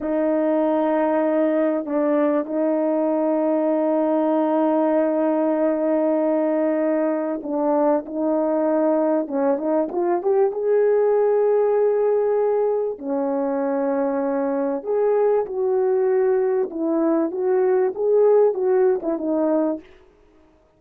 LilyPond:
\new Staff \with { instrumentName = "horn" } { \time 4/4 \tempo 4 = 97 dis'2. d'4 | dis'1~ | dis'1 | d'4 dis'2 cis'8 dis'8 |
f'8 g'8 gis'2.~ | gis'4 cis'2. | gis'4 fis'2 e'4 | fis'4 gis'4 fis'8. e'16 dis'4 | }